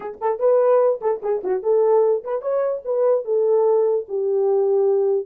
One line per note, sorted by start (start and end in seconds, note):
0.00 0.18 G#4
0.20 0.39 A4
0.39 1.00 B4
1.01 1.21 A4
1.22 1.42 G#4
1.43 1.63 F#4
1.63 2.23 A4
2.24 2.41 B4
2.41 2.82 C#5
2.84 3.25 B4
3.25 4.06 A4
4.08 5.25 G4